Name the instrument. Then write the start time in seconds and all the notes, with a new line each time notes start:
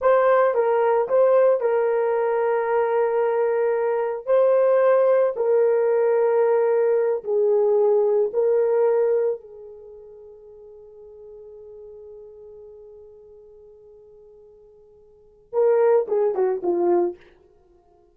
horn
0.01 C5
0.54 A#4
1.08 C5
1.60 A#4
4.26 C5
5.36 A#4
7.24 G#4
8.33 A#4
9.40 G#4
15.52 A#4
16.08 G#4
16.34 F#4
16.62 F4